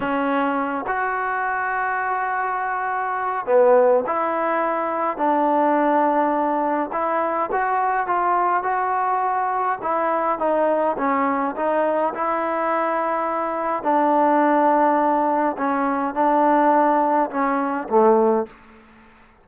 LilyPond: \new Staff \with { instrumentName = "trombone" } { \time 4/4 \tempo 4 = 104 cis'4. fis'2~ fis'8~ | fis'2 b4 e'4~ | e'4 d'2. | e'4 fis'4 f'4 fis'4~ |
fis'4 e'4 dis'4 cis'4 | dis'4 e'2. | d'2. cis'4 | d'2 cis'4 a4 | }